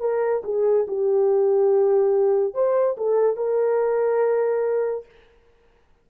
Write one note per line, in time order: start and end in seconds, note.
0.00 0.42 A#4
0.44 0.86 G#4
0.88 2.54 G4
2.54 2.96 C5
2.97 3.36 A4
3.36 5.05 A#4